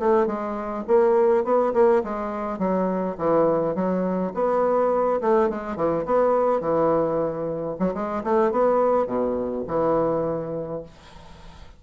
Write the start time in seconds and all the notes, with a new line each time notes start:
0.00 A3
0.27 G#3
0.88 A#3
1.45 B3
1.74 A#3
2.04 G#3
2.59 F#3
3.18 E3
3.75 F#3
4.35 B3
5.22 A3
5.50 G#3
5.77 E3
6.06 B3
6.61 E3
7.80 F#3
7.95 G#3
8.24 A3
8.52 B3
9.07 B2
9.68 E3